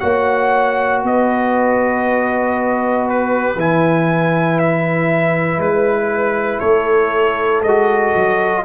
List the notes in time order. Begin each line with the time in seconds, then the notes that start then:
0.00 A#3 F#4 C#5 F#5
1.04 B3 B4 D#5
3.09 B4
3.56 E3 E4 G#5
4.59 E5
5.58 G#3 B4
6.60 A3 A4 C#5
7.63 G#3 F#4 D#5
8.16 F#3